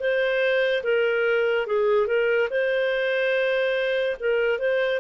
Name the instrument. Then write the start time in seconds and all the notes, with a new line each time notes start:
clarinet
0.00 C5
0.84 A#4
1.67 G#4
2.07 A#4
2.50 C5
4.20 A#4
4.59 C5